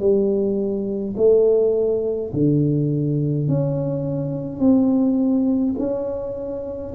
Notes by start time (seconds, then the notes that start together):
0.00 G3
1.17 A3
2.33 D3
3.48 C#4
4.60 C4
5.79 C#4